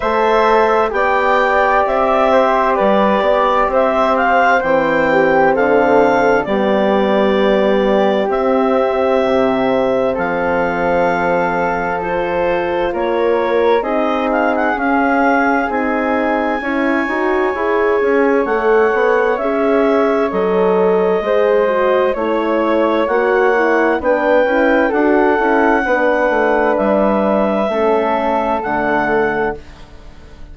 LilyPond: <<
  \new Staff \with { instrumentName = "clarinet" } { \time 4/4 \tempo 4 = 65 e''4 g''4 e''4 d''4 | e''8 f''8 g''4 f''4 d''4~ | d''4 e''2 f''4~ | f''4 c''4 cis''4 dis''8 f''16 fis''16 |
f''4 gis''2. | fis''4 e''4 dis''2 | cis''4 fis''4 g''4 fis''4~ | fis''4 e''2 fis''4 | }
  \new Staff \with { instrumentName = "flute" } { \time 4/4 c''4 d''4. c''8 b'8 d''8 | c''4. g'8 a'4 g'4~ | g'2. a'4~ | a'2 ais'4 gis'4~ |
gis'2 cis''2~ | cis''2. c''4 | cis''2 b'4 a'4 | b'2 a'2 | }
  \new Staff \with { instrumentName = "horn" } { \time 4/4 a'4 g'2.~ | g'4 c'2 b4~ | b4 c'2.~ | c'4 f'2 dis'4 |
cis'4 dis'4 e'8 fis'8 gis'4 | a'4 gis'4 a'4 gis'8 fis'8 | e'4 fis'8 e'8 d'8 e'8 fis'8 e'8 | d'2 cis'4 a4 | }
  \new Staff \with { instrumentName = "bassoon" } { \time 4/4 a4 b4 c'4 g8 b8 | c'4 e4 d4 g4~ | g4 c'4 c4 f4~ | f2 ais4 c'4 |
cis'4 c'4 cis'8 dis'8 e'8 cis'8 | a8 b8 cis'4 fis4 gis4 | a4 ais4 b8 cis'8 d'8 cis'8 | b8 a8 g4 a4 d4 | }
>>